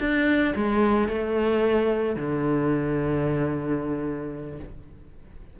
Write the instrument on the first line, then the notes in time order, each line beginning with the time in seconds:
cello
0.00 D4
0.56 G#3
1.08 A3
2.16 D3